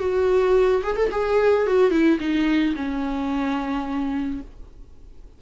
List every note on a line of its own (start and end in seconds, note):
0.00 0.83 F#4
0.84 0.97 G#4
0.97 1.11 A4
1.12 1.67 G#4
1.67 1.91 F#4
1.91 2.19 E4
2.20 2.75 D#4
2.76 4.42 C#4